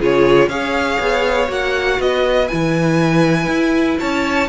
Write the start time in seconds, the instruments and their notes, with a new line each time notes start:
0.00 cello C#3, viola F4, violin G#4 C#5
0.48 cello C#4, viola G#4, violin C#5 F5
1.00 cello B3
1.48 cello A#3, viola F#4, violin F#5
2.00 cello B3, violin B4 D#5
2.48 cello E3, viola E4, violin G#5
3.48 cello E4
3.99 cello C#4, violin C#5 A5